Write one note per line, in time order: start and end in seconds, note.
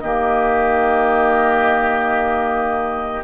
0.00 3.23 D#3
0.00 3.23 A#3
0.00 3.23 G4
0.00 3.23 D#5